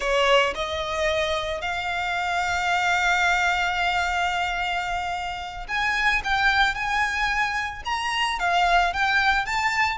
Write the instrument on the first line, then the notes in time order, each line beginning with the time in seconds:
violin
0.00 C#5
0.54 D#5
1.61 F5
5.68 G#5
6.24 G5
6.74 G#5
7.85 A#5
8.39 F5
8.93 G5
9.45 A5